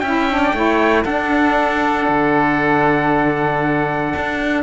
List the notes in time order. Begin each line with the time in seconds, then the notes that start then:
0.00 C#4 E4 E5 G5
0.30 D4
0.43 D5
0.54 A3 E4 C#5
1.04 D4 A4 F#5
2.08 D3
4.16 D4